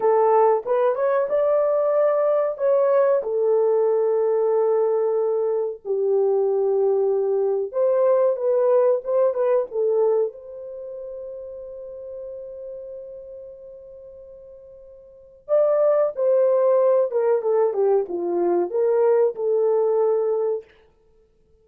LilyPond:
\new Staff \with { instrumentName = "horn" } { \time 4/4 \tempo 4 = 93 a'4 b'8 cis''8 d''2 | cis''4 a'2.~ | a'4 g'2. | c''4 b'4 c''8 b'8 a'4 |
c''1~ | c''1 | d''4 c''4. ais'8 a'8 g'8 | f'4 ais'4 a'2 | }